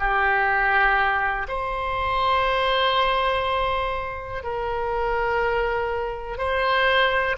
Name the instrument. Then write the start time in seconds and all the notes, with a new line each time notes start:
oboe
0.00 G4
1.49 C5
4.44 A#4
6.38 C5